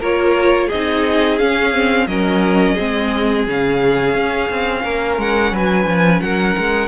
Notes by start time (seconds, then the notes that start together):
0.00 A#3 F4 A#4 C#5
0.67 C4 G#4 D#5
0.74 D#4
1.38 C#4 F5
1.73 C4
2.07 F#3 C#4 A#4 D#5
2.74 G#3 C4 G#4
3.48 C#3 C#4 F5
4.15 C#4
4.50 C4
4.84 A#3 A#4
5.18 G#3 F#5
5.52 F#3 B4 G#5
5.86 F3
6.21 F#3 A#4 F#5
6.57 G#3